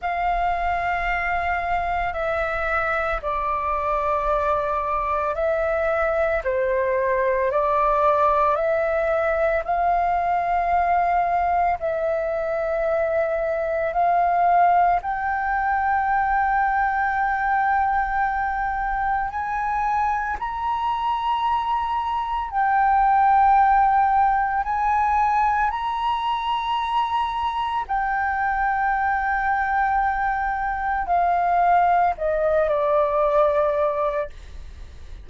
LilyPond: \new Staff \with { instrumentName = "flute" } { \time 4/4 \tempo 4 = 56 f''2 e''4 d''4~ | d''4 e''4 c''4 d''4 | e''4 f''2 e''4~ | e''4 f''4 g''2~ |
g''2 gis''4 ais''4~ | ais''4 g''2 gis''4 | ais''2 g''2~ | g''4 f''4 dis''8 d''4. | }